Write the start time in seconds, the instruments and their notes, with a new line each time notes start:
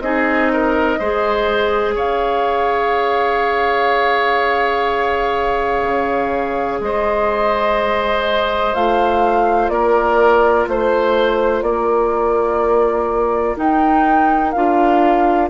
0.00 bassoon C4, clarinet D#4, oboe G#4, flute D#5
0.53 oboe A#4
0.99 bassoon G#3, clarinet G#4, oboe C5
1.95 bassoon C#4, oboe C#5, flute F5
5.82 bassoon C#3
6.80 bassoon G#3, oboe C5, flute D#5
8.74 bassoon A3, clarinet F4, flute F5
9.69 bassoon A#3, oboe A#4, flute D5
10.67 bassoon A3, flute C5, oboe C5
11.62 bassoon A#3, oboe A#4, flute D5
13.57 clarinet D#4, bassoon D#4, flute G5
14.52 bassoon D4, clarinet F4, flute F5